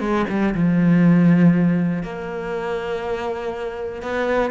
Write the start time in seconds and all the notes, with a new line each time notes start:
0.00 G#3
0.29 G3
0.55 F3
2.03 A#3
4.02 B3